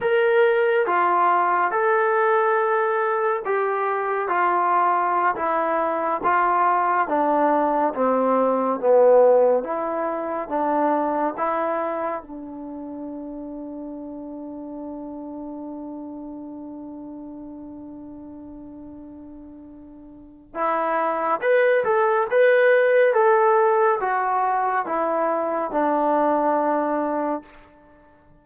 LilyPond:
\new Staff \with { instrumentName = "trombone" } { \time 4/4 \tempo 4 = 70 ais'4 f'4 a'2 | g'4 f'4~ f'16 e'4 f'8.~ | f'16 d'4 c'4 b4 e'8.~ | e'16 d'4 e'4 d'4.~ d'16~ |
d'1~ | d'1 | e'4 b'8 a'8 b'4 a'4 | fis'4 e'4 d'2 | }